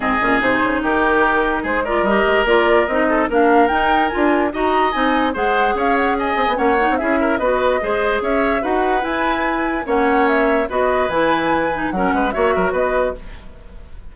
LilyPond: <<
  \new Staff \with { instrumentName = "flute" } { \time 4/4 \tempo 4 = 146 dis''4 c''4 ais'2 | c''8 d''8 dis''4 d''4 dis''4 | f''4 g''4 gis''4 ais''4 | gis''4 fis''4 f''8 fis''8 gis''4 |
fis''4 e''4 dis''2 | e''4 fis''4 gis''2 | fis''4 e''4 dis''4 gis''4~ | gis''4 fis''4 e''4 dis''4 | }
  \new Staff \with { instrumentName = "oboe" } { \time 4/4 gis'2 g'2 | gis'8 ais'2. a'8 | ais'2. dis''4~ | dis''4 c''4 cis''4 dis''4 |
cis''4 gis'8 ais'8 b'4 c''4 | cis''4 b'2. | cis''2 b'2~ | b'4 ais'8 b'8 cis''8 ais'8 b'4 | }
  \new Staff \with { instrumentName = "clarinet" } { \time 4/4 c'8 cis'8 dis'2.~ | dis'8 f'8 g'4 f'4 dis'4 | d'4 dis'4 f'4 fis'4 | dis'4 gis'2. |
cis'8 dis'8 e'4 fis'4 gis'4~ | gis'4 fis'4 e'2 | cis'2 fis'4 e'4~ | e'8 dis'8 cis'4 fis'2 | }
  \new Staff \with { instrumentName = "bassoon" } { \time 4/4 gis,8 ais,8 c8 cis8 dis2 | gis4 g8 gis8 ais4 c'4 | ais4 dis'4 d'4 dis'4 | c'4 gis4 cis'4. c'16 b16 |
ais8. c'16 cis'4 b4 gis4 | cis'4 dis'4 e'2 | ais2 b4 e4~ | e4 fis8 gis8 ais8 fis8 b4 | }
>>